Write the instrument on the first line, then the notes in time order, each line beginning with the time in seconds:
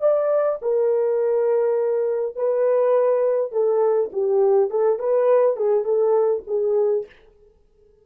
horn
0.00 D5
0.61 A#4
2.35 B4
3.51 A4
4.12 G4
4.70 A4
4.99 B4
5.56 G#4
5.84 A4
6.47 G#4